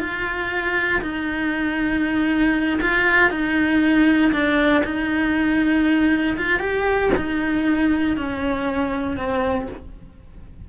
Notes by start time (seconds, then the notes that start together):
0.00 F4
1.02 D#4
2.82 F4
3.31 D#4
4.33 D4
4.85 D#4
6.38 F4
6.60 G4
7.17 D#4
8.17 C#4
9.17 C4